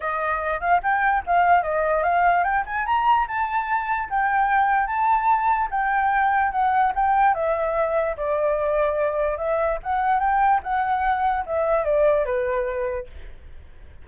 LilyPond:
\new Staff \with { instrumentName = "flute" } { \time 4/4 \tempo 4 = 147 dis''4. f''8 g''4 f''4 | dis''4 f''4 g''8 gis''8 ais''4 | a''2 g''2 | a''2 g''2 |
fis''4 g''4 e''2 | d''2. e''4 | fis''4 g''4 fis''2 | e''4 d''4 b'2 | }